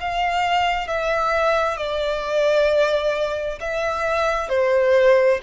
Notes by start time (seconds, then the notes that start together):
0.00 F5
0.87 E5
1.77 D5
3.60 E5
4.49 C5